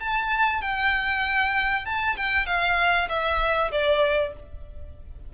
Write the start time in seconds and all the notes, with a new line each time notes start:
0.00 A5
0.62 G5
1.86 A5
2.17 G5
2.47 F5
3.09 E5
3.71 D5